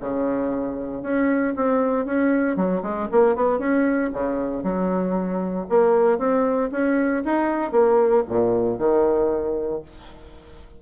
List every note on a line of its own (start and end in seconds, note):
0.00 1.02 C#3
1.02 1.54 C#4
1.56 2.05 C4
2.05 2.56 C#4
2.56 2.82 F#3
2.82 3.08 G#3
3.11 3.36 A#3
3.36 3.58 B3
3.58 4.10 C#4
4.13 4.63 C#3
4.63 5.66 F#3
5.69 6.18 A#3
6.18 6.70 C4
6.71 7.23 C#4
7.25 7.72 D#4
7.72 8.23 A#3
8.28 8.78 A#2
8.78 9.82 D#3